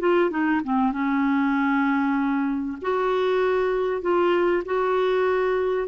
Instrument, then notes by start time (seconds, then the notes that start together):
clarinet
0.00 F4
0.31 D#4
0.64 C4
0.93 C#4
2.82 F#4
4.02 F4
4.66 F#4